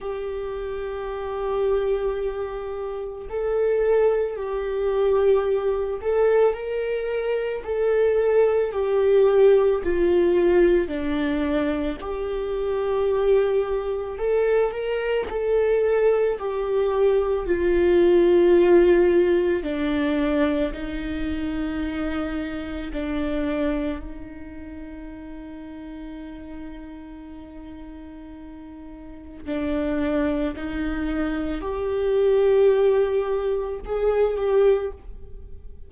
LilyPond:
\new Staff \with { instrumentName = "viola" } { \time 4/4 \tempo 4 = 55 g'2. a'4 | g'4. a'8 ais'4 a'4 | g'4 f'4 d'4 g'4~ | g'4 a'8 ais'8 a'4 g'4 |
f'2 d'4 dis'4~ | dis'4 d'4 dis'2~ | dis'2. d'4 | dis'4 g'2 gis'8 g'8 | }